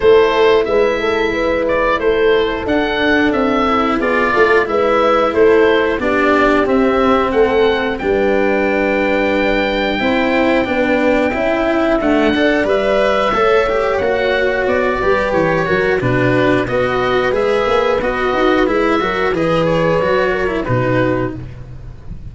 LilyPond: <<
  \new Staff \with { instrumentName = "oboe" } { \time 4/4 \tempo 4 = 90 c''4 e''4. d''8 c''4 | fis''4 e''4 d''4 e''4 | c''4 d''4 e''4 fis''4 | g''1~ |
g''2 fis''4 e''4~ | e''4 fis''4 d''4 cis''4 | b'4 dis''4 e''4 dis''4 | e''4 dis''8 cis''4. b'4 | }
  \new Staff \with { instrumentName = "horn" } { \time 4/4 a'4 b'8 a'8 b'4 a'4~ | a'2 gis'8 a'8 b'4 | a'4 g'2 a'4 | b'2. c''4 |
b'4 e''4. d''4. | cis''2~ cis''8 b'4 ais'8 | fis'4 b'2.~ | b'8 ais'8 b'4. ais'8 fis'4 | }
  \new Staff \with { instrumentName = "cello" } { \time 4/4 e'1 | d'4. e'8 f'4 e'4~ | e'4 d'4 c'2 | d'2. e'4 |
d'4 e'4 a8 a'8 b'4 | a'8 g'8 fis'4. g'4 fis'8 | d'4 fis'4 gis'4 fis'4 | e'8 fis'8 gis'4 fis'8. e'16 dis'4 | }
  \new Staff \with { instrumentName = "tuba" } { \time 4/4 a4 gis2 a4 | d'4 c'4 b8 a8 gis4 | a4 b4 c'4 a4 | g2. c'4 |
b4 cis'4 d'4 g4 | a4 ais4 b8 g8 e8 fis8 | b,4 b4 gis8 ais8 b8 dis'8 | gis8 fis8 e4 fis4 b,4 | }
>>